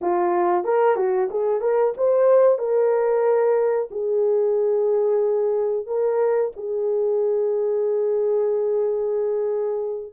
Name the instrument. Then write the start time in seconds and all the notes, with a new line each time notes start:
horn
0.01 F4
0.64 A#4
0.96 F#4
1.30 G#4
1.61 A#4
1.97 C5
2.58 A#4
3.90 G#4
5.86 A#4
6.56 G#4